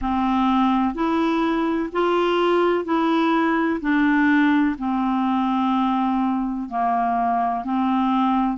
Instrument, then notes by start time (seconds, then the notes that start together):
clarinet
0.01 C4
0.94 E4
1.92 F4
2.84 E4
3.81 D4
4.78 C4
6.69 A#3
7.64 C4